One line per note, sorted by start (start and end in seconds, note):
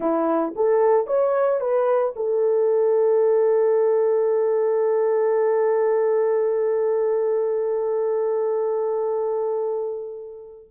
0.00 0.54 E4
0.55 1.07 A4
1.07 1.60 C#5
1.60 2.14 B4
2.16 10.71 A4